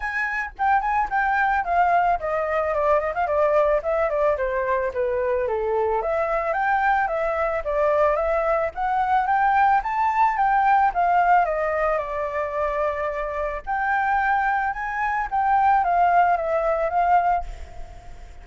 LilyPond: \new Staff \with { instrumentName = "flute" } { \time 4/4 \tempo 4 = 110 gis''4 g''8 gis''8 g''4 f''4 | dis''4 d''8 dis''16 f''16 d''4 e''8 d''8 | c''4 b'4 a'4 e''4 | g''4 e''4 d''4 e''4 |
fis''4 g''4 a''4 g''4 | f''4 dis''4 d''2~ | d''4 g''2 gis''4 | g''4 f''4 e''4 f''4 | }